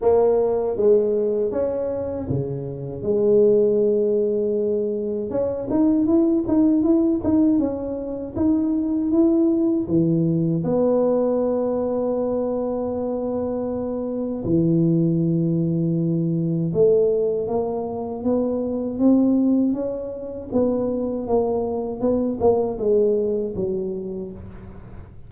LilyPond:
\new Staff \with { instrumentName = "tuba" } { \time 4/4 \tempo 4 = 79 ais4 gis4 cis'4 cis4 | gis2. cis'8 dis'8 | e'8 dis'8 e'8 dis'8 cis'4 dis'4 | e'4 e4 b2~ |
b2. e4~ | e2 a4 ais4 | b4 c'4 cis'4 b4 | ais4 b8 ais8 gis4 fis4 | }